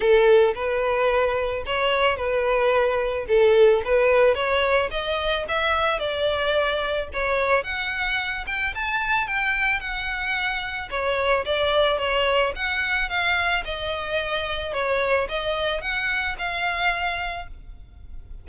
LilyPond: \new Staff \with { instrumentName = "violin" } { \time 4/4 \tempo 4 = 110 a'4 b'2 cis''4 | b'2 a'4 b'4 | cis''4 dis''4 e''4 d''4~ | d''4 cis''4 fis''4. g''8 |
a''4 g''4 fis''2 | cis''4 d''4 cis''4 fis''4 | f''4 dis''2 cis''4 | dis''4 fis''4 f''2 | }